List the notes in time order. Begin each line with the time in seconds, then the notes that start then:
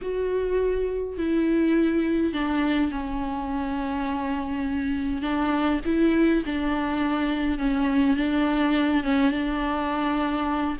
0.01 F#4
1.17 E4
2.33 D4
2.91 C#4
5.22 D4
5.85 E4
6.45 D4
7.58 C#4
8.16 D4
9.03 C#4
9.31 D4